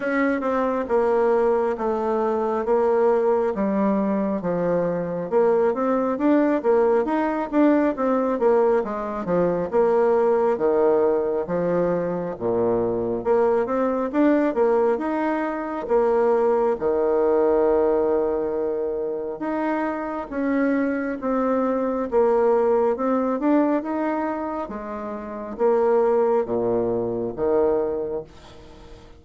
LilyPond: \new Staff \with { instrumentName = "bassoon" } { \time 4/4 \tempo 4 = 68 cis'8 c'8 ais4 a4 ais4 | g4 f4 ais8 c'8 d'8 ais8 | dis'8 d'8 c'8 ais8 gis8 f8 ais4 | dis4 f4 ais,4 ais8 c'8 |
d'8 ais8 dis'4 ais4 dis4~ | dis2 dis'4 cis'4 | c'4 ais4 c'8 d'8 dis'4 | gis4 ais4 ais,4 dis4 | }